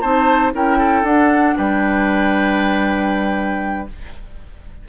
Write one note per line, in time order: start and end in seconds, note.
0.00 0.53 C4
0.00 0.52 D#4
0.00 0.52 C5
0.00 0.51 A5
0.52 1.02 C#4
0.52 1.04 E4
0.52 0.78 A#4
0.52 1.05 G5
0.78 1.55 A4
1.02 1.54 D4
1.02 3.87 D4
1.02 1.57 F#5
1.57 3.88 G3
1.57 3.87 B4
1.57 3.88 G5